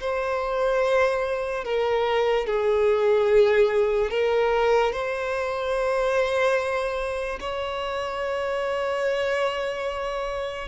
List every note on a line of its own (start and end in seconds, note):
0.00 1.64 C5
1.65 2.47 A#4
2.47 4.11 G#4
4.11 4.93 A#4
4.93 7.39 C5
7.40 10.68 C#5